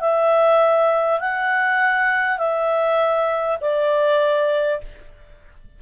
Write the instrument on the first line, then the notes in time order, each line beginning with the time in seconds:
clarinet
0.00 E5
1.20 F#5
2.37 E5
3.60 D5